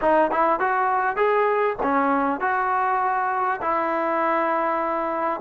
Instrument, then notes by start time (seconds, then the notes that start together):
trombone
0.01 D#4
0.31 E4
0.59 F#4
1.16 G#4
1.82 C#4
2.40 F#4
3.61 E4